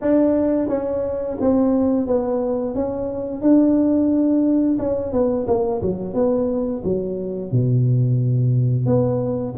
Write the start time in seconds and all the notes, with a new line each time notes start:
0.01 D4
0.68 C#4
1.40 C4
2.06 B3
2.74 C#4
3.41 D4
4.78 C#4
5.12 B3
5.47 A#3
5.81 F#3
6.14 B3
6.84 F#3
7.51 B2
8.86 B3